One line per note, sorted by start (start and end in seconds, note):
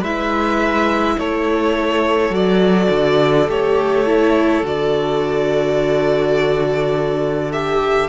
0.00 1.16 G#3
0.00 2.31 E4
0.00 1.15 B4
0.00 1.19 E5
1.18 2.29 A3
1.18 8.08 A4
1.18 2.34 C#5
2.29 2.87 F#3
2.29 3.47 F#4
2.29 3.49 D5
2.89 3.47 D3
3.48 4.62 A3
3.48 4.06 G4
3.48 4.66 C#5
4.06 4.63 E4
4.62 8.08 D3
4.62 7.52 F#4
4.62 7.51 D5
7.51 8.08 G4
7.51 8.08 E5